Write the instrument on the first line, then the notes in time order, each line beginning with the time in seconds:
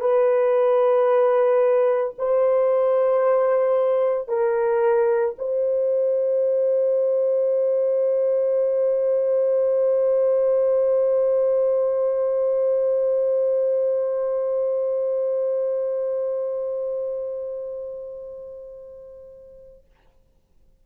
horn
0.00 B4
2.18 C5
4.29 A#4
5.38 C5